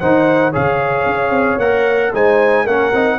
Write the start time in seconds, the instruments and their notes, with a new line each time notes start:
0.00 tuba D#3, trombone D#4, horn C5, trumpet F#5
0.52 tuba C#3, trombone G#4, horn C#5, trumpet F5
1.06 tuba C#4
1.31 tuba C4
1.58 tuba A#3, trombone A#4, trumpet F#5
2.14 tuba G#3, trombone D#4, horn C5, trumpet G#5
2.65 tuba A#3, trombone C#4, horn A#4, trumpet F#5
2.93 tuba C4, trombone D#4